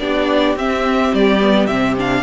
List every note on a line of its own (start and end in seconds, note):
0.00 0.56 B3
0.00 0.57 D4
0.00 2.23 G4
0.00 0.57 D5
0.56 1.13 C4
0.56 1.40 C4
0.56 1.15 E5
1.14 1.68 G3
1.14 1.67 D5
1.40 1.69 B3
1.67 2.23 C3
1.67 1.97 C4
1.67 1.95 E5
1.98 2.23 D4
1.98 2.23 F5